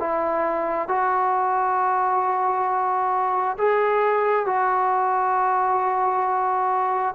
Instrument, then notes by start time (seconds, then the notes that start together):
trombone
0.00 E4
0.89 F#4
3.58 G#4
4.47 F#4